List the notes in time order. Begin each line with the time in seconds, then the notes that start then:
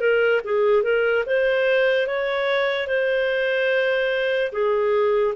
0.00 A#4
0.44 G#4
0.83 A#4
1.26 C5
2.07 C#5
2.87 C5
4.52 G#4